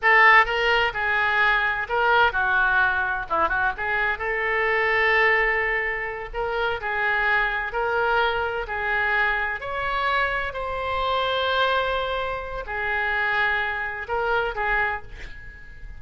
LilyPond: \new Staff \with { instrumentName = "oboe" } { \time 4/4 \tempo 4 = 128 a'4 ais'4 gis'2 | ais'4 fis'2 e'8 fis'8 | gis'4 a'2.~ | a'4. ais'4 gis'4.~ |
gis'8 ais'2 gis'4.~ | gis'8 cis''2 c''4.~ | c''2. gis'4~ | gis'2 ais'4 gis'4 | }